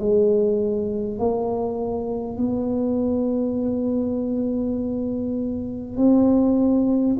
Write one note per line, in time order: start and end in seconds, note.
0.00 1.19 G#3
1.19 2.38 A#3
2.38 5.97 B3
5.97 7.17 C4